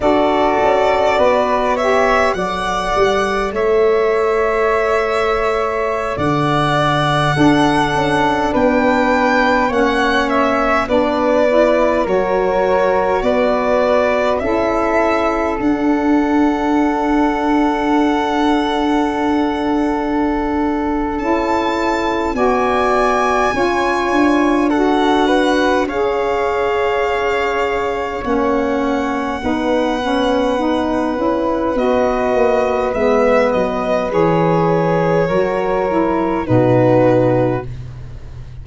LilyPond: <<
  \new Staff \with { instrumentName = "violin" } { \time 4/4 \tempo 4 = 51 d''4. e''8 fis''4 e''4~ | e''4~ e''16 fis''2 g''8.~ | g''16 fis''8 e''8 d''4 cis''4 d''8.~ | d''16 e''4 fis''2~ fis''8.~ |
fis''2 a''4 gis''4~ | gis''4 fis''4 f''2 | fis''2. dis''4 | e''8 dis''8 cis''2 b'4 | }
  \new Staff \with { instrumentName = "flute" } { \time 4/4 a'4 b'8 cis''8 d''4 cis''4~ | cis''4~ cis''16 d''4 a'4 b'8.~ | b'16 cis''4 b'4 ais'4 b'8.~ | b'16 a'2.~ a'8.~ |
a'2. d''4 | cis''4 a'8 b'8 cis''2~ | cis''4 b'2.~ | b'2 ais'4 fis'4 | }
  \new Staff \with { instrumentName = "saxophone" } { \time 4/4 fis'4. g'8 a'2~ | a'2~ a'16 d'4.~ d'16~ | d'16 cis'4 d'8 e'8 fis'4.~ fis'16~ | fis'16 e'4 d'2~ d'8.~ |
d'2 e'4 fis'4 | f'4 fis'4 gis'2 | cis'4 dis'8 cis'8 dis'8 e'8 fis'4 | b4 gis'4 fis'8 e'8 dis'4 | }
  \new Staff \with { instrumentName = "tuba" } { \time 4/4 d'8 cis'8 b4 fis8 g8 a4~ | a4~ a16 d4 d'8 cis'8 b8.~ | b16 ais4 b4 fis4 b8.~ | b16 cis'4 d'2~ d'8.~ |
d'2 cis'4 b4 | cis'8 d'4. cis'2 | ais4 b4. cis'8 b8 ais8 | gis8 fis8 e4 fis4 b,4 | }
>>